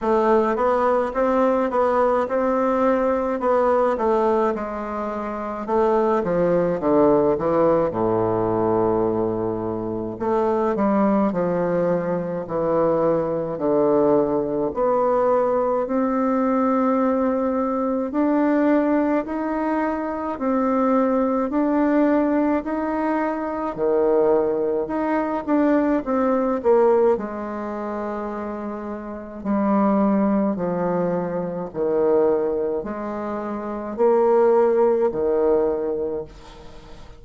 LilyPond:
\new Staff \with { instrumentName = "bassoon" } { \time 4/4 \tempo 4 = 53 a8 b8 c'8 b8 c'4 b8 a8 | gis4 a8 f8 d8 e8 a,4~ | a,4 a8 g8 f4 e4 | d4 b4 c'2 |
d'4 dis'4 c'4 d'4 | dis'4 dis4 dis'8 d'8 c'8 ais8 | gis2 g4 f4 | dis4 gis4 ais4 dis4 | }